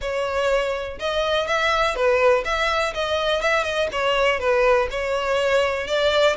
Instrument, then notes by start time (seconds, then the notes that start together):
violin
0.01 C#5
0.99 D#5
1.47 E5
1.95 B4
2.44 E5
2.94 D#5
3.41 E5
3.63 D#5
3.92 C#5
4.39 B4
4.90 C#5
5.87 D5